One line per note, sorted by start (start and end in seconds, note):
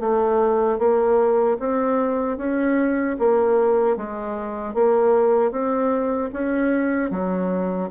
0.00 0.79 A3
0.79 1.58 A#3
1.60 2.38 C4
2.38 3.17 C#4
3.19 3.97 A#3
3.97 4.75 G#3
4.75 5.52 A#3
5.52 6.31 C4
6.33 7.11 C#4
7.11 7.90 F#3